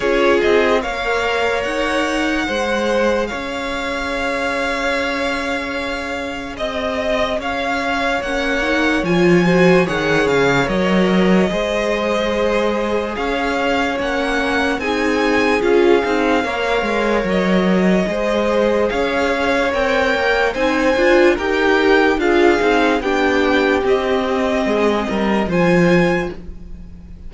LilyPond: <<
  \new Staff \with { instrumentName = "violin" } { \time 4/4 \tempo 4 = 73 cis''8 dis''8 f''4 fis''2 | f''1 | dis''4 f''4 fis''4 gis''4 | fis''8 f''8 dis''2. |
f''4 fis''4 gis''4 f''4~ | f''4 dis''2 f''4 | g''4 gis''4 g''4 f''4 | g''4 dis''2 gis''4 | }
  \new Staff \with { instrumentName = "violin" } { \time 4/4 gis'4 cis''2 c''4 | cis''1 | dis''4 cis''2~ cis''8 c''8 | cis''2 c''2 |
cis''2 gis'2 | cis''2 c''4 cis''4~ | cis''4 c''4 ais'4 gis'4 | g'2 gis'8 ais'8 c''4 | }
  \new Staff \with { instrumentName = "viola" } { \time 4/4 f'4 ais'2 gis'4~ | gis'1~ | gis'2 cis'8 dis'8 f'8 fis'8 | gis'4 ais'4 gis'2~ |
gis'4 cis'4 dis'4 f'8 dis'8 | ais'2 gis'2 | ais'4 dis'8 f'8 g'4 f'8 dis'8 | d'4 c'2 f'4 | }
  \new Staff \with { instrumentName = "cello" } { \time 4/4 cis'8 c'8 ais4 dis'4 gis4 | cis'1 | c'4 cis'4 ais4 f4 | dis8 cis8 fis4 gis2 |
cis'4 ais4 c'4 cis'8 c'8 | ais8 gis8 fis4 gis4 cis'4 | c'8 ais8 c'8 d'8 dis'4 d'8 c'8 | b4 c'4 gis8 g8 f4 | }
>>